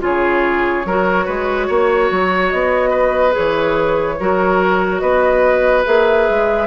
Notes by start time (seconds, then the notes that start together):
0.00 C#3 F4 G#4 C#5
0.85 F#3 F#4 A#4
1.25 G#3 B4
1.67 A#3 C#5
2.11 F#3
2.50 B3 D#5
2.90 B4
3.31 E3 G#4 C#5
4.20 F#3 F#4 A#4
4.99 B3 B4 D#5
5.85 A#3 G#4 E5
6.29 G#3